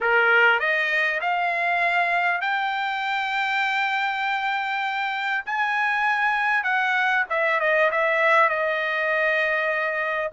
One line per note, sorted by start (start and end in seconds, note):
0.00 0.59 A#4
0.59 1.20 D#5
1.20 2.41 F5
2.41 5.44 G5
5.45 6.63 G#5
6.63 7.24 F#5
7.29 7.60 E5
7.60 7.90 D#5
7.91 8.49 E5
8.49 10.31 D#5